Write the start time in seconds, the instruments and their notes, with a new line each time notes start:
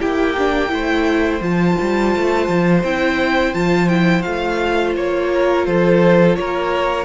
0.00 cello A#3, viola E4, violin G4 G5
0.38 viola D4
0.69 cello A3, viola E4, violin C5
1.41 cello F3, viola F4, violin A5
1.81 cello G3
2.16 cello A3
2.48 cello F3
2.83 cello C4, viola E4, violin G5
3.54 cello F3, viola F4, violin A5
3.89 viola E4, violin G5
4.22 cello A3, viola F4, violin F5
4.96 cello A#3, violin C#5
5.32 violin A#4
5.66 cello F3, violin A4 C5
6.36 cello A#3, violin A#4 C#5